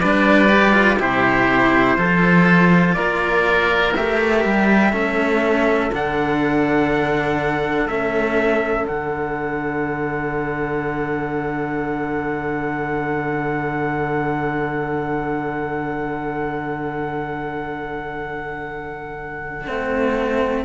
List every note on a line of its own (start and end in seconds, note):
0.00 1.00 G3
0.00 0.48 D4
0.00 0.98 B4
0.00 0.98 D5
0.48 0.72 G4
0.72 0.97 F4
0.99 1.97 C3
0.99 1.97 E4
0.99 1.97 G4
0.99 2.93 C5
1.97 2.95 F3
1.97 3.93 F4
1.97 2.96 A4
2.93 3.95 A#3
2.93 4.91 A#4
2.93 3.92 D5
3.95 4.44 A3
3.95 4.92 G4
3.95 5.92 E5
4.44 4.93 G3
4.91 5.91 A3
4.91 5.91 C#4
4.91 20.64 A4
5.92 7.86 D3
5.92 7.89 D4
5.92 7.87 F#5
7.86 8.84 A3
7.86 8.86 C#4
7.86 8.86 E5
8.86 19.68 D3
8.86 19.67 D4
8.86 20.64 F#5
19.67 20.64 A3
19.67 20.64 C4